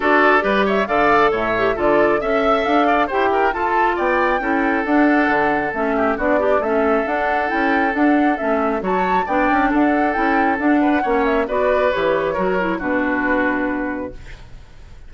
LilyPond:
<<
  \new Staff \with { instrumentName = "flute" } { \time 4/4 \tempo 4 = 136 d''4. e''8 f''4 e''4 | d''4 e''4 f''4 g''4 | a''4 g''2 fis''4~ | fis''4 e''4 d''4 e''4 |
fis''4 g''4 fis''4 e''4 | a''4 g''4 fis''4 g''4 | fis''4. e''8 d''4 cis''4~ | cis''4 b'2. | }
  \new Staff \with { instrumentName = "oboe" } { \time 4/4 a'4 b'8 cis''8 d''4 cis''4 | a'4 e''4. d''8 c''8 ais'8 | a'4 d''4 a'2~ | a'4. g'8 fis'8 d'8 a'4~ |
a'1 | cis''4 d''4 a'2~ | a'8 b'8 cis''4 b'2 | ais'4 fis'2. | }
  \new Staff \with { instrumentName = "clarinet" } { \time 4/4 fis'4 g'4 a'4. g'8 | f'4 a'2 g'4 | f'2 e'4 d'4~ | d'4 cis'4 d'8 g'8 cis'4 |
d'4 e'4 d'4 cis'4 | fis'4 d'2 e'4 | d'4 cis'4 fis'4 g'4 | fis'8 e'8 d'2. | }
  \new Staff \with { instrumentName = "bassoon" } { \time 4/4 d'4 g4 d4 a,4 | d4 cis'4 d'4 e'4 | f'4 b4 cis'4 d'4 | d4 a4 b4 a4 |
d'4 cis'4 d'4 a4 | fis4 b8 cis'8 d'4 cis'4 | d'4 ais4 b4 e4 | fis4 b,2. | }
>>